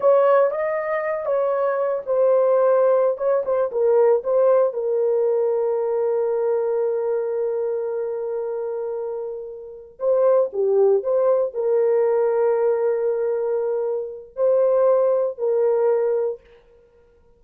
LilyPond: \new Staff \with { instrumentName = "horn" } { \time 4/4 \tempo 4 = 117 cis''4 dis''4. cis''4. | c''2~ c''16 cis''8 c''8 ais'8.~ | ais'16 c''4 ais'2~ ais'8.~ | ais'1~ |
ais'2.~ ais'8 c''8~ | c''8 g'4 c''4 ais'4.~ | ais'1 | c''2 ais'2 | }